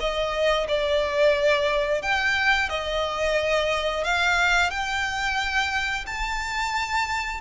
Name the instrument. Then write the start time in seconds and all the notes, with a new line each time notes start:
violin
0.00 D#5
0.68 D5
2.02 G5
2.69 D#5
4.04 F5
4.70 G5
6.06 A5